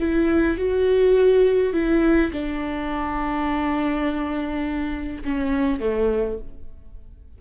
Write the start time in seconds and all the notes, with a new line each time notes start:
0.00 E4
0.58 F#4
1.73 E4
2.32 D4
5.24 C#4
5.80 A3